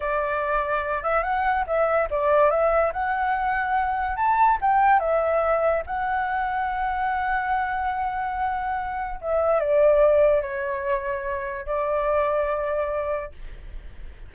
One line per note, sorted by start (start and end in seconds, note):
0.00 1.03 D5
1.03 1.23 E5
1.23 1.64 F#5
1.66 2.08 E5
2.10 2.50 D5
2.50 2.92 E5
2.93 4.16 F#5
4.16 4.58 A5
4.61 4.99 G5
4.99 5.82 E5
5.86 9.19 F#5
9.21 9.59 E5
9.59 10.41 D5
10.41 11.65 C#5
11.65 13.32 D5